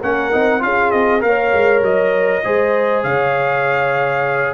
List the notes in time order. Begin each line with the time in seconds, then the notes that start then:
0.00 A#3 C#4 A#4 F#5
0.31 C4 D#4
0.59 C#4 F4 G#4 F5
0.91 C4 D#5
1.20 A#3 A#4 C#5 F5
1.53 G#3
1.82 F#3 D#5
2.44 G#3 G#4 C5
3.03 C#3 C#5 F5